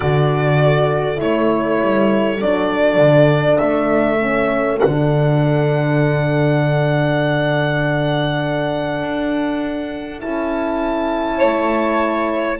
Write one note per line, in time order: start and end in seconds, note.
0.00 1.21 D3
0.00 1.17 F#4
0.00 11.38 A4
0.00 1.19 D5
1.17 1.81 A3
1.17 2.37 E4
1.17 2.40 C#5
1.81 2.41 G3
2.40 2.97 F#3
2.40 4.19 D4
2.40 3.58 D5
2.97 3.57 D3
3.58 4.81 A3
3.58 4.79 E5
4.19 4.79 C#4
4.79 9.02 D3
4.79 10.19 D4
4.79 10.20 F#5
9.02 10.21 D4
10.19 11.42 C#4
10.19 12.59 E4
10.19 12.59 A5
11.38 12.59 A3
11.38 12.58 C#5